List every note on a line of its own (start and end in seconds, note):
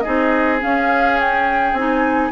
0.00 0.63 C4
0.00 0.59 D#4
0.00 2.31 G#4
0.00 0.57 D#5
0.59 1.73 C#4
0.59 1.72 C#4
0.59 1.19 F5
1.20 1.76 G5
1.72 2.30 C4
1.72 2.31 D#4
1.72 2.31 G#5